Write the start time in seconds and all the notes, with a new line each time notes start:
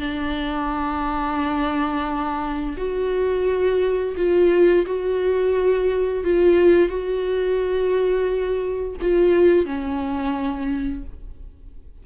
0.00 D4
2.77 F#4
4.17 F4
4.86 F#4
6.24 F4
6.89 F#4
9.02 F4
9.66 C#4